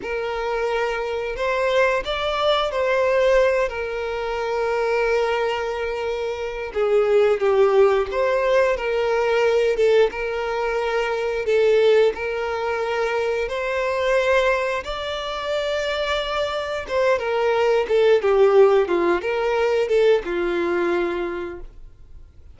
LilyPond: \new Staff \with { instrumentName = "violin" } { \time 4/4 \tempo 4 = 89 ais'2 c''4 d''4 | c''4. ais'2~ ais'8~ | ais'2 gis'4 g'4 | c''4 ais'4. a'8 ais'4~ |
ais'4 a'4 ais'2 | c''2 d''2~ | d''4 c''8 ais'4 a'8 g'4 | f'8 ais'4 a'8 f'2 | }